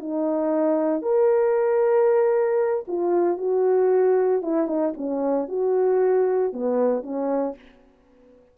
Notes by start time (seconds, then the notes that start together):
0.00 D#4
1.02 A#4
2.88 F4
3.38 F#4
4.42 E4
4.67 D#4
4.97 C#4
5.49 F#4
6.53 B3
7.03 C#4